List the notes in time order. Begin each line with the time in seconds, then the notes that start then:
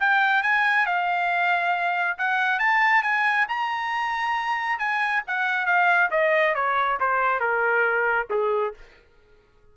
0.00 G5
0.43 G#5
0.86 F5
2.18 F#5
2.59 A5
3.03 G#5
3.48 A#5
4.79 G#5
5.27 F#5
5.66 F5
6.11 D#5
6.55 C#5
7.00 C5
7.40 A#4
8.30 G#4